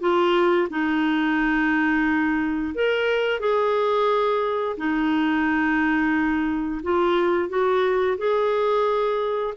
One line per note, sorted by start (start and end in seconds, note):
0.00 0.68 F4
0.70 2.74 D#4
2.75 3.40 A#4
3.40 4.76 G#4
4.77 6.81 D#4
6.83 7.49 F4
7.49 8.17 F#4
8.18 9.54 G#4